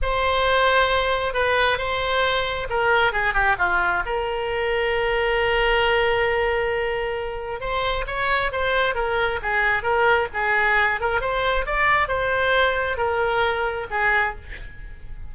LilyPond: \new Staff \with { instrumentName = "oboe" } { \time 4/4 \tempo 4 = 134 c''2. b'4 | c''2 ais'4 gis'8 g'8 | f'4 ais'2.~ | ais'1~ |
ais'4 c''4 cis''4 c''4 | ais'4 gis'4 ais'4 gis'4~ | gis'8 ais'8 c''4 d''4 c''4~ | c''4 ais'2 gis'4 | }